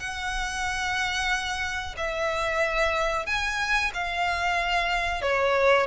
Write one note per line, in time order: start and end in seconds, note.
0.00 1.96 F#5
1.97 3.27 E5
3.27 3.92 G#5
3.94 5.22 F5
5.22 5.87 C#5